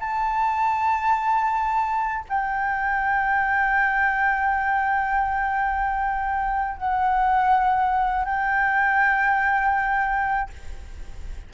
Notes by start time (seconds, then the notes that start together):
0.00 A5
2.29 G5
6.78 F#5
8.25 G5